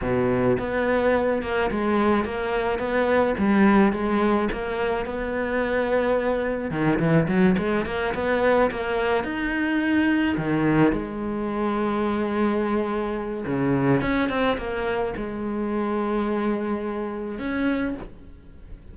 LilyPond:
\new Staff \with { instrumentName = "cello" } { \time 4/4 \tempo 4 = 107 b,4 b4. ais8 gis4 | ais4 b4 g4 gis4 | ais4 b2. | dis8 e8 fis8 gis8 ais8 b4 ais8~ |
ais8 dis'2 dis4 gis8~ | gis1 | cis4 cis'8 c'8 ais4 gis4~ | gis2. cis'4 | }